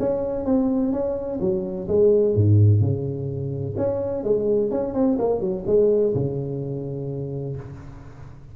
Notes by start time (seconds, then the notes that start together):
0.00 C#4
0.46 C4
0.93 C#4
1.41 F#3
1.88 G#3
2.36 G#2
2.81 C#3
3.78 C#4
4.24 G#3
4.71 C#4
4.94 C4
5.19 A#3
5.41 F#3
5.67 G#3
6.15 C#3